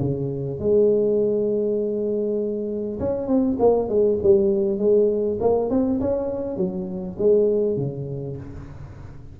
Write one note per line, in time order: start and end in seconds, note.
0.00 0.59 C#3
0.59 2.99 G#3
2.99 3.27 C#4
3.27 3.57 C4
3.59 3.89 A#3
3.89 4.19 G#3
4.23 4.78 G3
4.78 5.38 G#3
5.41 5.70 A#3
5.70 6.00 C4
6.00 6.57 C#4
6.57 7.17 F#3
7.18 7.77 G#3
7.77 8.37 C#3